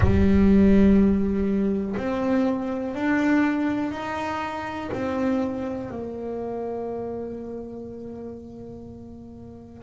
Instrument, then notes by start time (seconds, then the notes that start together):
double bass
0.00 G3
1.97 C4
2.95 D4
3.91 D#4
4.92 C4
5.90 A#3